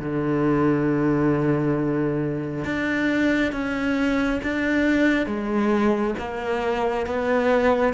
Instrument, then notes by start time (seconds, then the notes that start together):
cello
0.00 D3
2.65 D4
3.53 C#4
4.43 D4
5.27 G#3
6.19 A#3
7.07 B3